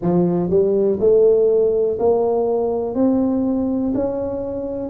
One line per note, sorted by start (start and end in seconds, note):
0.01 0.50 F3
0.50 0.99 G3
1.00 1.98 A3
1.99 2.95 A#3
2.95 3.93 C4
3.94 4.89 C#4